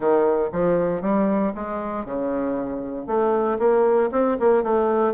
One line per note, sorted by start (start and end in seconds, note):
0.00 0.49 D#3
0.52 1.01 F3
1.01 1.52 G3
1.54 2.05 G#3
2.05 3.06 C#3
3.06 3.58 A3
3.59 4.10 A#3
4.11 4.37 C4
4.39 4.63 A#3
4.63 5.14 A3